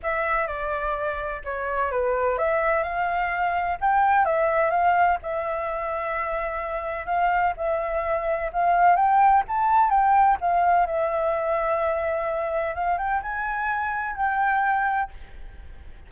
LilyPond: \new Staff \with { instrumentName = "flute" } { \time 4/4 \tempo 4 = 127 e''4 d''2 cis''4 | b'4 e''4 f''2 | g''4 e''4 f''4 e''4~ | e''2. f''4 |
e''2 f''4 g''4 | a''4 g''4 f''4 e''4~ | e''2. f''8 g''8 | gis''2 g''2 | }